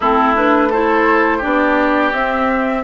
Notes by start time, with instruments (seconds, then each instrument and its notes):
0.00 bassoon A3, clarinet C4, oboe E4, flute A4
0.35 clarinet D4, flute B4
0.69 clarinet E4, oboe A4, flute C5
1.38 clarinet D4, oboe G4, flute D5
1.44 bassoon B3
2.12 bassoon C4, clarinet C4, flute E5